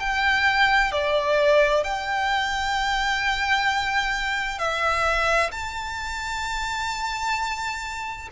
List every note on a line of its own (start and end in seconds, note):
0.00 0.92 G5
0.92 1.84 D5
1.84 4.59 G5
4.59 5.51 E5
5.52 8.29 A5